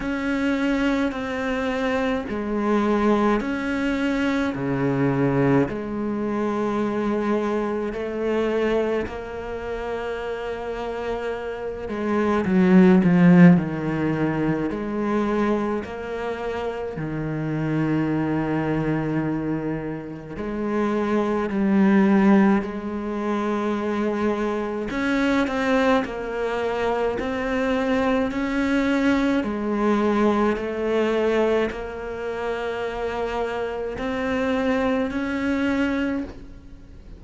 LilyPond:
\new Staff \with { instrumentName = "cello" } { \time 4/4 \tempo 4 = 53 cis'4 c'4 gis4 cis'4 | cis4 gis2 a4 | ais2~ ais8 gis8 fis8 f8 | dis4 gis4 ais4 dis4~ |
dis2 gis4 g4 | gis2 cis'8 c'8 ais4 | c'4 cis'4 gis4 a4 | ais2 c'4 cis'4 | }